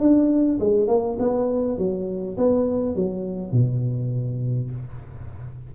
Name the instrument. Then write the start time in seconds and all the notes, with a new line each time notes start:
tuba
0.00 D4
0.60 G#3
0.88 A#3
1.19 B3
1.78 F#3
2.38 B3
2.96 F#3
3.52 B2